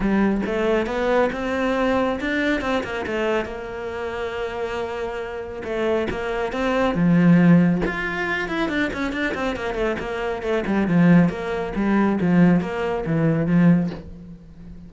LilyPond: \new Staff \with { instrumentName = "cello" } { \time 4/4 \tempo 4 = 138 g4 a4 b4 c'4~ | c'4 d'4 c'8 ais8 a4 | ais1~ | ais4 a4 ais4 c'4 |
f2 f'4. e'8 | d'8 cis'8 d'8 c'8 ais8 a8 ais4 | a8 g8 f4 ais4 g4 | f4 ais4 e4 f4 | }